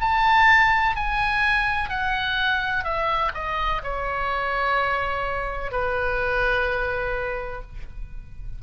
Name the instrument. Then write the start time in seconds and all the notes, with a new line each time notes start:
oboe
0.00 A5
0.96 G#5
1.89 F#5
2.84 E5
3.34 D#5
3.83 C#5
5.71 B4